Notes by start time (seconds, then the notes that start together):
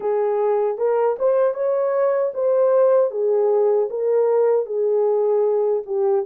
0.00 G#4
0.77 A#4
1.19 C5
1.54 C#5
2.33 C5
3.11 G#4
3.90 A#4
4.65 G#4
5.86 G4